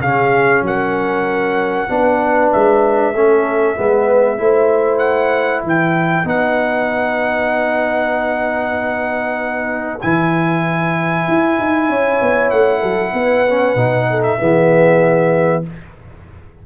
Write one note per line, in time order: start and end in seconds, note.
0.00 0.62 C#3
0.00 1.89 C#4
0.00 0.64 G#4
0.00 0.64 F5
0.63 1.88 F#3
0.63 1.91 A#4
0.63 2.53 F#5
1.89 2.52 B3
1.89 3.14 D4
1.89 3.18 B4
2.53 3.14 G#3
2.53 4.99 E5
3.14 3.77 A3
3.14 3.76 C#4
3.14 3.77 A4
3.76 4.40 G#3
3.76 4.38 B3
3.76 4.40 B4
4.38 5.64 A3
4.38 6.25 E4
4.38 5.64 C5
4.99 5.61 F#5
5.64 6.25 E3
5.64 11.89 B4
5.64 6.28 G5
6.25 10.00 B3
6.25 10.00 D#4
6.25 10.02 F#5
10.02 11.28 E3
10.02 13.47 E4
10.02 12.51 G#5
11.28 11.60 E4
11.60 11.90 D#4
11.90 12.21 C#4
11.90 12.80 C#5
12.22 12.52 B3
12.51 12.83 A3
12.51 14.23 F#5
12.80 13.14 F#3
12.80 13.11 A4
13.14 13.76 B3
13.14 14.08 B4
13.48 13.77 C#4
13.76 14.38 B2
13.76 14.39 D#4
14.10 14.40 A4
14.23 15.64 E5
14.39 15.67 E3
14.39 15.64 B3
14.39 15.65 G#4